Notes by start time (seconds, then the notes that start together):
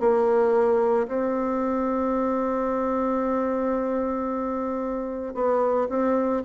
0.00 A#3
1.08 C4
5.34 B3
5.89 C4